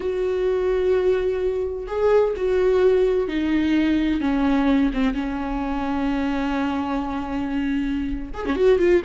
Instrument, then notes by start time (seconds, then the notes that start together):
viola
0.00 F#4
1.87 G#4
2.36 F#4
3.28 D#4
4.20 C#4
4.93 C4
5.13 C#4
8.34 G#4
8.45 C#4
8.55 F#4
8.78 F4